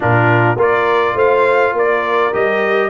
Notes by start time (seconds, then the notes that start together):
0.00 A#2 D4 F4 A#4
0.56 A#3 F4 A#4 D5
1.14 A3 C5 F5
1.73 A#3 A#4 D5
2.33 G3 G4 D#5